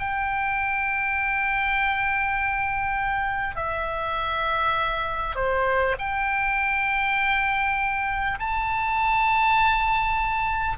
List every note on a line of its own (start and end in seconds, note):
0.00 3.56 G5
3.56 5.36 E5
5.36 5.96 C5
5.99 8.39 G5
8.40 10.78 A5